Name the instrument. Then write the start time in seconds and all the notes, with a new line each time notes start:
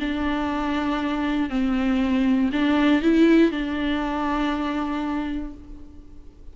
viola
0.00 D4
1.49 C4
2.52 D4
3.02 E4
3.51 D4